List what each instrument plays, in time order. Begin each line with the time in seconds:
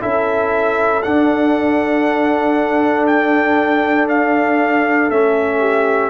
0.00 tuba C#4, trombone E4, horn A4, trumpet E5
1.03 trombone D4, tuba D4, trumpet F#5
3.06 trumpet G5
4.08 trumpet F5
5.10 tuba A3, trombone C#4, trumpet E5
5.60 horn G4